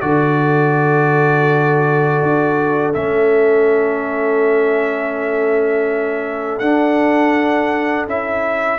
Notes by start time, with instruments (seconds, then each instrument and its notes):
0.00 tuba D3, trombone F#4, horn A4, trumpet D5
2.22 tuba D4
2.93 tuba A3, trombone C#4, trumpet E5
6.59 tuba D4, trombone D4, trumpet F#5
8.06 tuba C#4, trombone E4, trumpet E5